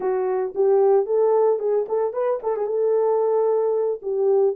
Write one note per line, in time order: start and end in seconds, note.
0.00 0.53 F#4
0.54 1.06 G4
1.06 1.59 A4
1.59 1.86 G#4
1.88 2.13 A4
2.13 2.40 B4
2.43 2.56 A4
2.56 2.66 G#4
2.66 4.00 A4
4.02 4.55 G4